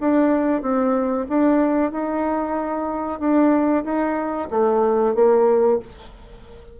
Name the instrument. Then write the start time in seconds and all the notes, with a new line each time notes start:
bassoon
0.00 D4
0.62 C4
1.28 D4
1.91 D#4
3.19 D4
3.84 D#4
4.50 A3
5.14 A#3